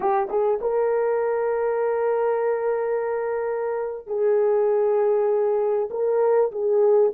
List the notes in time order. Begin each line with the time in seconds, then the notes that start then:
0.00 G4
0.29 G#4
0.61 A#4
4.07 G#4
5.90 A#4
6.51 G#4